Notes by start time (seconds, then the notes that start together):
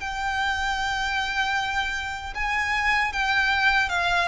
0.00 G5
2.35 G#5
3.13 G5
3.89 F5